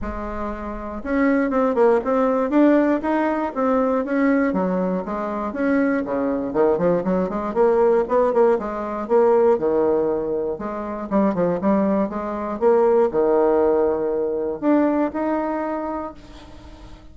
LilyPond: \new Staff \with { instrumentName = "bassoon" } { \time 4/4 \tempo 4 = 119 gis2 cis'4 c'8 ais8 | c'4 d'4 dis'4 c'4 | cis'4 fis4 gis4 cis'4 | cis4 dis8 f8 fis8 gis8 ais4 |
b8 ais8 gis4 ais4 dis4~ | dis4 gis4 g8 f8 g4 | gis4 ais4 dis2~ | dis4 d'4 dis'2 | }